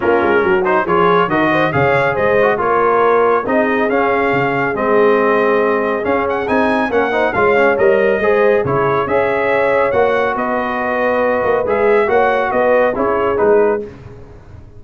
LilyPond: <<
  \new Staff \with { instrumentName = "trumpet" } { \time 4/4 \tempo 4 = 139 ais'4. c''8 cis''4 dis''4 | f''4 dis''4 cis''2 | dis''4 f''2 dis''4~ | dis''2 f''8 fis''8 gis''4 |
fis''4 f''4 dis''2 | cis''4 e''2 fis''4 | dis''2. e''4 | fis''4 dis''4 cis''4 b'4 | }
  \new Staff \with { instrumentName = "horn" } { \time 4/4 f'4 fis'4 gis'4 ais'8 c''8 | cis''4 c''4 ais'2 | gis'1~ | gis'1 |
ais'8 c''8 cis''2 c''4 | gis'4 cis''2. | b'1 | cis''4 b'4 gis'2 | }
  \new Staff \with { instrumentName = "trombone" } { \time 4/4 cis'4. dis'8 f'4 fis'4 | gis'4. fis'8 f'2 | dis'4 cis'2 c'4~ | c'2 cis'4 dis'4 |
cis'8 dis'8 f'8 cis'8 ais'4 gis'4 | e'4 gis'2 fis'4~ | fis'2. gis'4 | fis'2 e'4 dis'4 | }
  \new Staff \with { instrumentName = "tuba" } { \time 4/4 ais8 gis8 fis4 f4 dis4 | cis4 gis4 ais2 | c'4 cis'4 cis4 gis4~ | gis2 cis'4 c'4 |
ais4 gis4 g4 gis4 | cis4 cis'2 ais4 | b2~ b8 ais8 gis4 | ais4 b4 cis'4 gis4 | }
>>